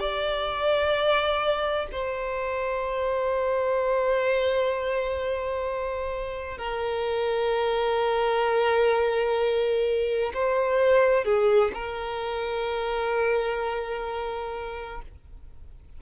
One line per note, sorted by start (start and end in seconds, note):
0.00 1.87 D5
1.92 6.58 C5
6.58 10.33 A#4
10.34 11.25 C5
11.25 11.72 G#4
11.74 15.02 A#4